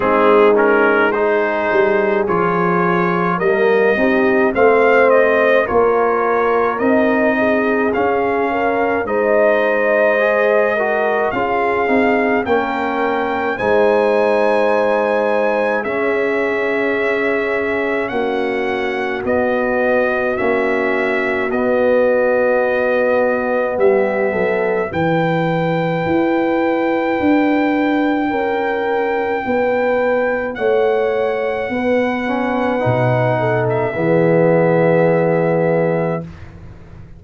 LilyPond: <<
  \new Staff \with { instrumentName = "trumpet" } { \time 4/4 \tempo 4 = 53 gis'8 ais'8 c''4 cis''4 dis''4 | f''8 dis''8 cis''4 dis''4 f''4 | dis''2 f''4 g''4 | gis''2 e''2 |
fis''4 dis''4 e''4 dis''4~ | dis''4 e''4 g''2~ | g''2. fis''4~ | fis''4.~ fis''16 e''2~ e''16 | }
  \new Staff \with { instrumentName = "horn" } { \time 4/4 dis'4 gis'2 ais'8 g'8 | c''4 ais'4. gis'4 ais'8 | c''4. ais'8 gis'4 ais'4 | c''2 gis'2 |
fis'1~ | fis'4 g'8 a'8 b'2~ | b'4 ais'4 b'4 cis''4 | b'4. a'8 gis'2 | }
  \new Staff \with { instrumentName = "trombone" } { \time 4/4 c'8 cis'8 dis'4 f'4 ais8 dis'8 | c'4 f'4 dis'4 cis'4 | dis'4 gis'8 fis'8 f'8 dis'8 cis'4 | dis'2 cis'2~ |
cis'4 b4 cis'4 b4~ | b2 e'2~ | e'1~ | e'8 cis'8 dis'4 b2 | }
  \new Staff \with { instrumentName = "tuba" } { \time 4/4 gis4. g8 f4 g8 c'8 | a4 ais4 c'4 cis'4 | gis2 cis'8 c'8 ais4 | gis2 cis'2 |
ais4 b4 ais4 b4~ | b4 g8 fis8 e4 e'4 | d'4 cis'4 b4 a4 | b4 b,4 e2 | }
>>